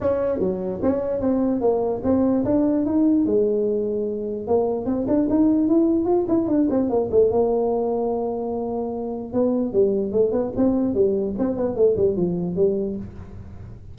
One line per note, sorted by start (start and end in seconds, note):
0.00 0.39 C#4
0.39 0.79 F#3
0.82 1.21 C#4
1.21 1.61 C4
1.61 2.01 A#3
2.03 2.44 C4
2.45 2.85 D4
2.85 3.25 D#4
3.25 4.47 G#3
4.47 4.85 A#3
4.85 5.06 C4
5.07 5.27 D4
5.29 5.68 D#4
5.68 6.05 E4
6.05 6.25 F4
6.28 6.47 E4
6.47 6.67 D4
6.69 6.89 C4
6.89 7.10 A#3
7.11 7.30 A3
7.30 9.33 A#3
9.33 9.72 B3
9.72 10.12 G3
10.12 10.32 A3
10.32 10.52 B3
10.56 10.94 C4
10.94 11.34 G3
11.38 11.56 C4
11.56 11.75 B3
11.75 11.96 A3
11.96 12.16 G3
12.16 12.55 F3
12.55 12.96 G3